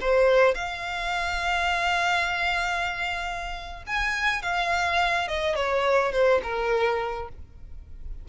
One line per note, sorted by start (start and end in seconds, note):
0.00 0.54 C5
0.54 3.83 F5
3.86 4.42 G#5
4.42 5.27 F5
5.27 5.55 D#5
5.55 6.12 C#5
6.12 6.41 C5
6.42 7.28 A#4